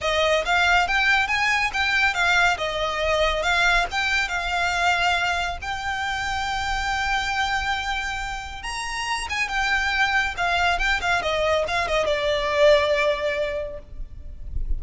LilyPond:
\new Staff \with { instrumentName = "violin" } { \time 4/4 \tempo 4 = 139 dis''4 f''4 g''4 gis''4 | g''4 f''4 dis''2 | f''4 g''4 f''2~ | f''4 g''2.~ |
g''1 | ais''4. gis''8 g''2 | f''4 g''8 f''8 dis''4 f''8 dis''8 | d''1 | }